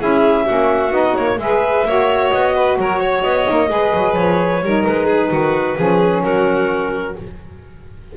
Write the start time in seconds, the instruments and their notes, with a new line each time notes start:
0.00 double bass C#4, saxophone E4, violin G#4, clarinet E5
0.46 double bass A#3, saxophone C#4, violin F#4
0.91 double bass B3, saxophone D#4, clarinet D#5
1.16 double bass A#3, clarinet C#5
1.38 double bass G#3, saxophone G#4, violin B4, clarinet E5
1.85 double bass A#3, saxophone F#4, violin C#5
2.30 double bass B3, clarinet D#5
2.55 violin B4
2.77 double bass F#3, violin A#4, clarinet C#5
3.00 violin C#5
3.23 double bass B3, clarinet D#5
3.46 double bass A#3, saxophone D#4
3.68 double bass G#3, saxophone G#4, violin B4
3.94 double bass F#3
4.14 double bass F3, clarinet C#5
4.62 double bass G3, saxophone D#4, violin A#4
4.86 double bass G#3, clarinet B4
5.06 violin G#4
5.31 double bass D#3, violin F#4
5.77 double bass F3, saxophone C#4, violin G#4
6.23 double bass F#3, violin F#4, clarinet A#4